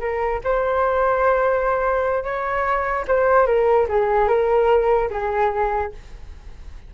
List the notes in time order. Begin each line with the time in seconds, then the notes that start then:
0.00 A#4
0.44 C5
2.24 C#5
3.08 C5
3.46 A#4
3.88 G#4
4.28 A#4
5.10 G#4